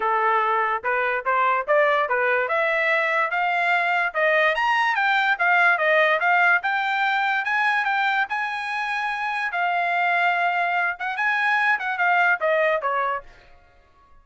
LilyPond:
\new Staff \with { instrumentName = "trumpet" } { \time 4/4 \tempo 4 = 145 a'2 b'4 c''4 | d''4 b'4 e''2 | f''2 dis''4 ais''4 | g''4 f''4 dis''4 f''4 |
g''2 gis''4 g''4 | gis''2. f''4~ | f''2~ f''8 fis''8 gis''4~ | gis''8 fis''8 f''4 dis''4 cis''4 | }